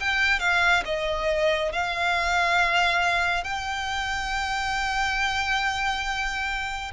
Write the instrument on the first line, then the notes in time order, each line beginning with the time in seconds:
violin
0.00 G5
0.40 F5
0.85 D#5
1.72 F5
3.44 G5